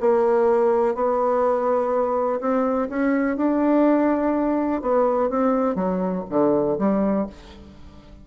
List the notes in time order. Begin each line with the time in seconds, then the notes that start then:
0.00 A#3
0.95 B3
2.40 C4
2.89 C#4
3.37 D4
4.81 B3
5.29 C4
5.75 F#3
6.29 D3
6.78 G3